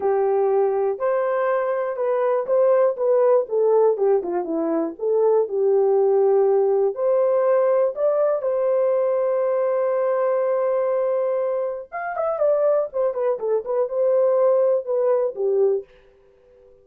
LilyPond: \new Staff \with { instrumentName = "horn" } { \time 4/4 \tempo 4 = 121 g'2 c''2 | b'4 c''4 b'4 a'4 | g'8 f'8 e'4 a'4 g'4~ | g'2 c''2 |
d''4 c''2.~ | c''1 | f''8 e''8 d''4 c''8 b'8 a'8 b'8 | c''2 b'4 g'4 | }